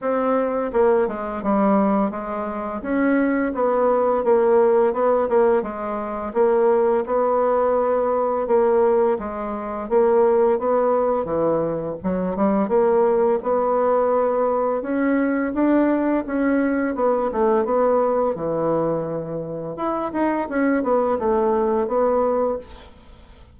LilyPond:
\new Staff \with { instrumentName = "bassoon" } { \time 4/4 \tempo 4 = 85 c'4 ais8 gis8 g4 gis4 | cis'4 b4 ais4 b8 ais8 | gis4 ais4 b2 | ais4 gis4 ais4 b4 |
e4 fis8 g8 ais4 b4~ | b4 cis'4 d'4 cis'4 | b8 a8 b4 e2 | e'8 dis'8 cis'8 b8 a4 b4 | }